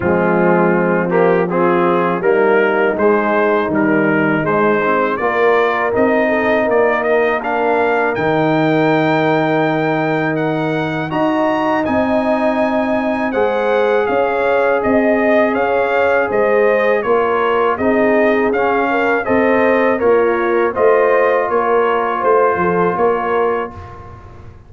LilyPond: <<
  \new Staff \with { instrumentName = "trumpet" } { \time 4/4 \tempo 4 = 81 f'4. g'8 gis'4 ais'4 | c''4 ais'4 c''4 d''4 | dis''4 d''8 dis''8 f''4 g''4~ | g''2 fis''4 ais''4 |
gis''2 fis''4 f''4 | dis''4 f''4 dis''4 cis''4 | dis''4 f''4 dis''4 cis''4 | dis''4 cis''4 c''4 cis''4 | }
  \new Staff \with { instrumentName = "horn" } { \time 4/4 c'2 f'4 dis'4~ | dis'2. ais'4~ | ais'8 a'8 ais'2.~ | ais'2. dis''4~ |
dis''2 c''4 cis''4 | dis''4 cis''4 c''4 ais'4 | gis'4. ais'8 c''4 f'4 | c''4 ais'4 c''8 a'8 ais'4 | }
  \new Staff \with { instrumentName = "trombone" } { \time 4/4 gis4. ais8 c'4 ais4 | gis4 g4 gis8 c'8 f'4 | dis'2 d'4 dis'4~ | dis'2. fis'4 |
dis'2 gis'2~ | gis'2. f'4 | dis'4 cis'4 a'4 ais'4 | f'1 | }
  \new Staff \with { instrumentName = "tuba" } { \time 4/4 f2. g4 | gis4 dis4 gis4 ais4 | c'4 ais2 dis4~ | dis2. dis'4 |
c'2 gis4 cis'4 | c'4 cis'4 gis4 ais4 | c'4 cis'4 c'4 ais4 | a4 ais4 a8 f8 ais4 | }
>>